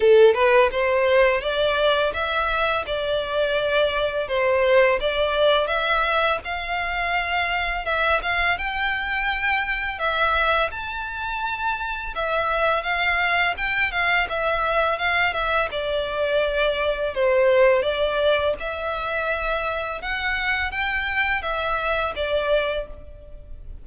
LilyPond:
\new Staff \with { instrumentName = "violin" } { \time 4/4 \tempo 4 = 84 a'8 b'8 c''4 d''4 e''4 | d''2 c''4 d''4 | e''4 f''2 e''8 f''8 | g''2 e''4 a''4~ |
a''4 e''4 f''4 g''8 f''8 | e''4 f''8 e''8 d''2 | c''4 d''4 e''2 | fis''4 g''4 e''4 d''4 | }